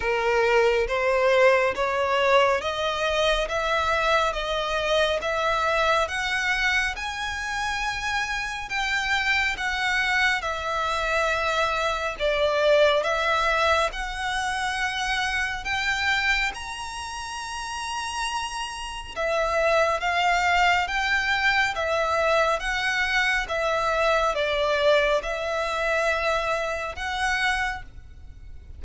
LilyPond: \new Staff \with { instrumentName = "violin" } { \time 4/4 \tempo 4 = 69 ais'4 c''4 cis''4 dis''4 | e''4 dis''4 e''4 fis''4 | gis''2 g''4 fis''4 | e''2 d''4 e''4 |
fis''2 g''4 ais''4~ | ais''2 e''4 f''4 | g''4 e''4 fis''4 e''4 | d''4 e''2 fis''4 | }